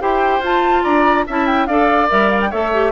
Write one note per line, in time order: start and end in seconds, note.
0.00 0.39 E4
0.00 0.42 G4
0.00 0.83 C5
0.00 0.42 G5
0.39 0.81 F4
0.39 1.27 F4
0.39 0.84 A5
0.83 1.27 D4
0.83 1.24 D5
0.83 1.25 A#5
1.26 1.68 C#4
1.26 1.68 E4
1.26 1.67 E5
1.26 1.46 A5
1.46 1.66 G5
1.66 2.09 D4
1.66 2.08 A4
1.66 2.50 D5
1.66 2.08 F5
2.08 2.52 G3
2.08 2.50 A#4
2.08 2.29 E5
2.29 2.40 F5
2.40 2.51 G5
2.50 2.92 A3
2.50 2.72 A4
2.50 2.92 C#5
2.50 2.92 E5
2.73 2.92 G4